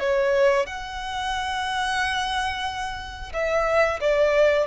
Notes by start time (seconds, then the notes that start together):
0.00 C#5
0.66 F#5
3.33 E5
4.01 D5